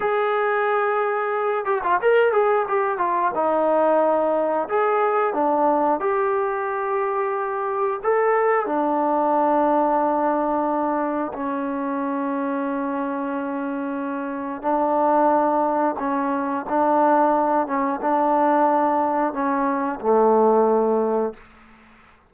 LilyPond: \new Staff \with { instrumentName = "trombone" } { \time 4/4 \tempo 4 = 90 gis'2~ gis'8 g'16 f'16 ais'8 gis'8 | g'8 f'8 dis'2 gis'4 | d'4 g'2. | a'4 d'2.~ |
d'4 cis'2.~ | cis'2 d'2 | cis'4 d'4. cis'8 d'4~ | d'4 cis'4 a2 | }